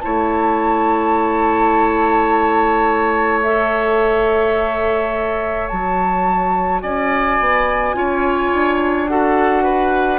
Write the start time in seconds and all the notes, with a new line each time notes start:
0.00 A3 E4 C#5 A5
3.42 A4 E5
5.68 F#3 F#4 A5
6.82 C#4 D5 G#5
7.39 B3
7.94 C#4 F4 C#5
8.53 D4
9.08 F#4 A4 F#5
9.63 B4